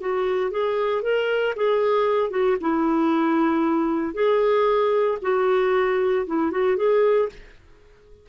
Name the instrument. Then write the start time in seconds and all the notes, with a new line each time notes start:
clarinet
0.00 F#4
0.51 G#4
1.02 A#4
1.56 G#4
2.31 F#4
2.61 E4
4.14 G#4
5.22 F#4
6.27 E4
6.51 F#4
6.77 G#4